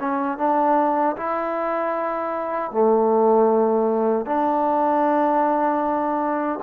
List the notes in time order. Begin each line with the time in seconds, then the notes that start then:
0.00 C#4
0.38 D4
1.17 E4
2.72 A3
4.26 D4